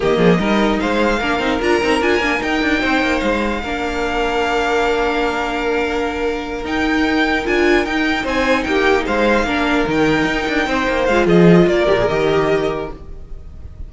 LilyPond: <<
  \new Staff \with { instrumentName = "violin" } { \time 4/4 \tempo 4 = 149 dis''2 f''2 | ais''4 gis''4 g''2 | f''1~ | f''1~ |
f''8 g''2 gis''4 g''8~ | g''8 gis''4 g''4 f''4.~ | f''8 g''2. f''8 | dis''4 d''4 dis''2 | }
  \new Staff \with { instrumentName = "violin" } { \time 4/4 g'8 gis'8 ais'4 c''4 ais'4~ | ais'2. c''4~ | c''4 ais'2.~ | ais'1~ |
ais'1~ | ais'8 c''4 g'4 c''4 ais'8~ | ais'2~ ais'8 c''4. | gis'4 ais'2. | }
  \new Staff \with { instrumentName = "viola" } { \time 4/4 ais4 dis'2 d'8 dis'8 | f'8 dis'8 f'8 d'8 dis'2~ | dis'4 d'2.~ | d'1~ |
d'8 dis'2 f'4 dis'8~ | dis'2.~ dis'8 d'8~ | d'8 dis'2. f'8~ | f'4. g'16 gis'16 g'2 | }
  \new Staff \with { instrumentName = "cello" } { \time 4/4 dis8 f8 g4 gis4 ais8 c'8 | d'8 c'8 d'8 ais8 dis'8 d'8 c'8 ais8 | gis4 ais2.~ | ais1~ |
ais8 dis'2 d'4 dis'8~ | dis'8 c'4 ais4 gis4 ais8~ | ais8 dis4 dis'8 d'8 c'8 ais8 gis8 | f4 ais8 ais,8 dis2 | }
>>